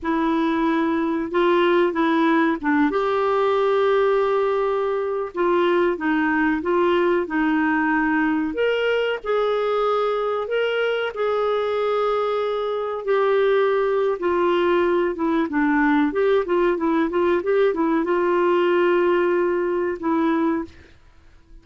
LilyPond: \new Staff \with { instrumentName = "clarinet" } { \time 4/4 \tempo 4 = 93 e'2 f'4 e'4 | d'8 g'2.~ g'8~ | g'16 f'4 dis'4 f'4 dis'8.~ | dis'4~ dis'16 ais'4 gis'4.~ gis'16~ |
gis'16 ais'4 gis'2~ gis'8.~ | gis'16 g'4.~ g'16 f'4. e'8 | d'4 g'8 f'8 e'8 f'8 g'8 e'8 | f'2. e'4 | }